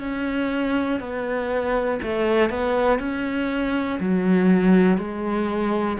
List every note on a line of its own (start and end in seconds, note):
0.00 1.00 C#4
1.00 2.00 B3
2.03 2.50 A3
2.50 3.00 B3
3.00 4.00 C#4
4.00 4.98 F#3
4.98 5.98 G#3